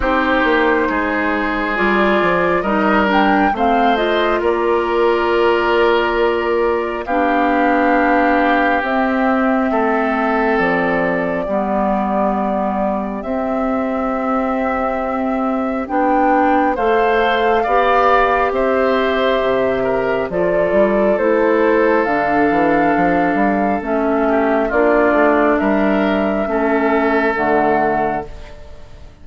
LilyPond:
<<
  \new Staff \with { instrumentName = "flute" } { \time 4/4 \tempo 4 = 68 c''2 d''4 dis''8 g''8 | f''8 dis''8 d''2. | f''2 e''2 | d''2. e''4~ |
e''2 g''4 f''4~ | f''4 e''2 d''4 | c''4 f''2 e''4 | d''4 e''2 fis''4 | }
  \new Staff \with { instrumentName = "oboe" } { \time 4/4 g'4 gis'2 ais'4 | c''4 ais'2. | g'2. a'4~ | a'4 g'2.~ |
g'2. c''4 | d''4 c''4. ais'8 a'4~ | a'2.~ a'8 g'8 | f'4 ais'4 a'2 | }
  \new Staff \with { instrumentName = "clarinet" } { \time 4/4 dis'2 f'4 dis'8 d'8 | c'8 f'2.~ f'8 | d'2 c'2~ | c'4 b2 c'4~ |
c'2 d'4 a'4 | g'2. f'4 | e'4 d'2 cis'4 | d'2 cis'4 a4 | }
  \new Staff \with { instrumentName = "bassoon" } { \time 4/4 c'8 ais8 gis4 g8 f8 g4 | a4 ais2. | b2 c'4 a4 | f4 g2 c'4~ |
c'2 b4 a4 | b4 c'4 c4 f8 g8 | a4 d8 e8 f8 g8 a4 | ais8 a8 g4 a4 d4 | }
>>